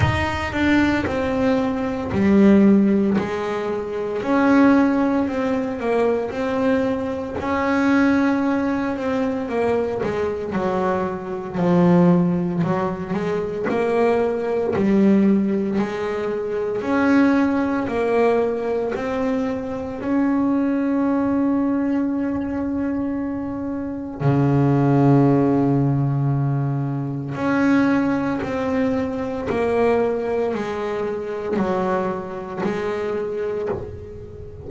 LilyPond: \new Staff \with { instrumentName = "double bass" } { \time 4/4 \tempo 4 = 57 dis'8 d'8 c'4 g4 gis4 | cis'4 c'8 ais8 c'4 cis'4~ | cis'8 c'8 ais8 gis8 fis4 f4 | fis8 gis8 ais4 g4 gis4 |
cis'4 ais4 c'4 cis'4~ | cis'2. cis4~ | cis2 cis'4 c'4 | ais4 gis4 fis4 gis4 | }